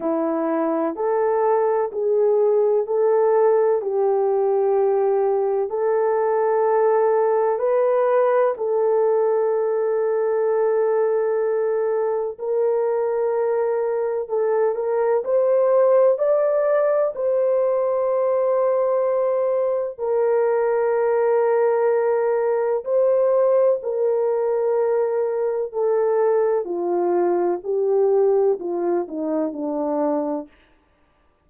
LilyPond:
\new Staff \with { instrumentName = "horn" } { \time 4/4 \tempo 4 = 63 e'4 a'4 gis'4 a'4 | g'2 a'2 | b'4 a'2.~ | a'4 ais'2 a'8 ais'8 |
c''4 d''4 c''2~ | c''4 ais'2. | c''4 ais'2 a'4 | f'4 g'4 f'8 dis'8 d'4 | }